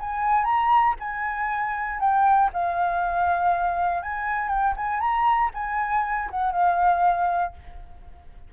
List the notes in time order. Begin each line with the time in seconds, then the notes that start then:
0.00 G#5
0.45 A#5
1.00 G#5
2.00 G5
2.53 F5
4.03 G#5
4.49 G5
4.77 G#5
5.00 A#5
5.54 G#5
6.31 F#5
6.52 F5